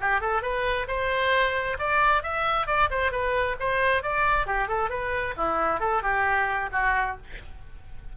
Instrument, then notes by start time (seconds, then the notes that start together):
oboe
0.00 G4
0.20 A4
0.42 B4
0.87 C5
1.78 D5
2.22 E5
2.66 D5
2.90 C5
3.11 B4
3.59 C5
4.02 D5
4.46 G4
4.67 A4
4.89 B4
5.36 E4
5.79 A4
6.02 G4
6.72 F#4